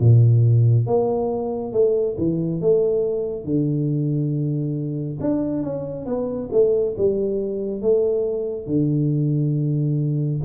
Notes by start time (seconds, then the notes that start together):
0.00 A#2
0.87 A#3
1.73 A3
2.18 E3
2.61 A3
3.44 D3
5.21 D4
5.63 C#4
6.06 B3
6.52 A3
6.97 G3
7.81 A3
8.66 D3